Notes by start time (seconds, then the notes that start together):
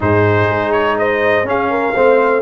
0.00 G#2 D#4 G#4 C5
0.47 G#3
0.72 C#5
0.98 C5 D#5
1.43 C#4 G#4 F5
1.70 A#4
1.94 A3 C4 C5